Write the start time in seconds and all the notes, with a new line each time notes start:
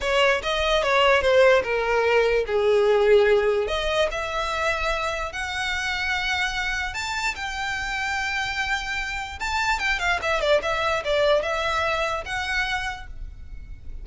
0.01 C#5
0.42 D#5
0.82 C#5
1.21 C5
1.63 A#4
2.46 G#4
3.67 D#5
4.11 E5
5.32 F#5
6.94 A5
7.35 G5
9.39 A5
9.79 G5
9.99 F5
10.22 E5
10.40 D5
10.62 E5
11.04 D5
11.42 E5
12.25 F#5